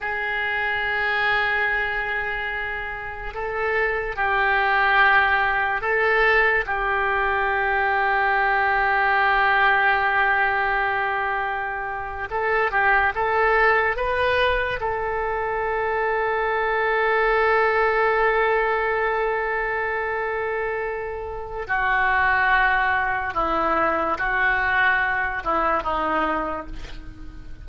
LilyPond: \new Staff \with { instrumentName = "oboe" } { \time 4/4 \tempo 4 = 72 gis'1 | a'4 g'2 a'4 | g'1~ | g'2~ g'8. a'8 g'8 a'16~ |
a'8. b'4 a'2~ a'16~ | a'1~ | a'2 fis'2 | e'4 fis'4. e'8 dis'4 | }